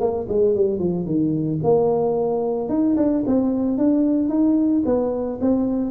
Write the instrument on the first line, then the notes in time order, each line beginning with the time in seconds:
tuba
0.00 A#3
0.28 G#3
0.55 G3
0.79 F3
1.05 D#3
1.63 A#3
2.69 D#4
2.97 D4
3.27 C4
3.78 D4
4.29 D#4
4.85 B3
5.41 C4